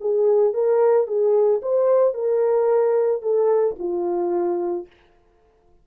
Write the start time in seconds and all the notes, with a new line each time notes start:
0.00 G#4
0.53 A#4
1.07 G#4
1.62 C5
2.14 A#4
3.22 A4
3.79 F4